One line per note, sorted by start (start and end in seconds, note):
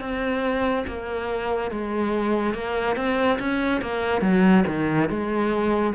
0.00 0.85 C4
0.87 1.71 A#3
1.71 2.54 G#3
2.54 2.96 A#3
2.96 3.38 C4
3.39 3.81 C#4
3.81 4.21 A#3
4.21 4.64 F#3
4.67 5.09 D#3
5.09 5.93 G#3